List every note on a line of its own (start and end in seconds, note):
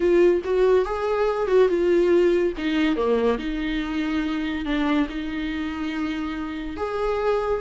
0.00 0.41 F4
0.44 0.85 F#4
0.85 1.47 G#4
1.47 1.68 F#4
1.68 2.52 F4
2.57 2.96 D#4
2.96 3.38 A#3
3.38 4.65 D#4
4.65 5.07 D4
5.09 6.76 D#4
6.76 7.61 G#4